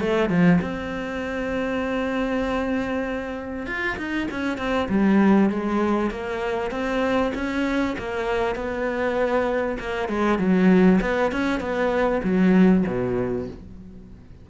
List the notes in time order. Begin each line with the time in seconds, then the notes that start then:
0.00 A3
0.29 F3
0.61 C4
3.66 F4
3.97 D#4
4.31 C#4
4.58 C4
4.89 G3
5.50 G#3
6.10 A#3
6.71 C4
7.34 C#4
7.98 A#3
8.55 B3
9.79 A#3
10.08 G#3
10.39 F#3
11.01 B3
11.32 C#4
11.60 B3
12.23 F#3
12.87 B2